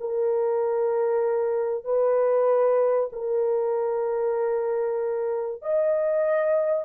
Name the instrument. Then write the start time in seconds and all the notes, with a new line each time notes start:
horn
0.00 A#4
1.85 B4
3.12 A#4
5.62 D#5